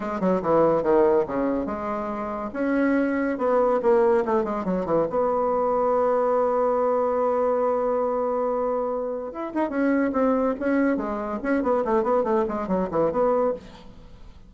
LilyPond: \new Staff \with { instrumentName = "bassoon" } { \time 4/4 \tempo 4 = 142 gis8 fis8 e4 dis4 cis4 | gis2 cis'2 | b4 ais4 a8 gis8 fis8 e8 | b1~ |
b1~ | b2 e'8 dis'8 cis'4 | c'4 cis'4 gis4 cis'8 b8 | a8 b8 a8 gis8 fis8 e8 b4 | }